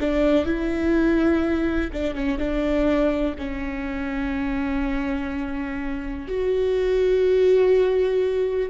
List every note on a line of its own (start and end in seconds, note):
0.00 0.46 D4
0.46 1.91 E4
1.93 2.15 D4
2.15 2.38 C#4
2.38 3.35 D4
3.38 6.28 C#4
6.28 8.70 F#4